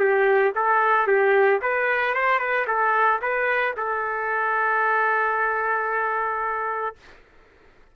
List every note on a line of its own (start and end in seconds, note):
0.00 0.53 G4
0.56 1.08 A4
1.08 1.61 G4
1.62 2.15 B4
2.15 2.39 C5
2.39 2.66 B4
2.68 3.21 A4
3.22 3.75 B4
3.77 6.96 A4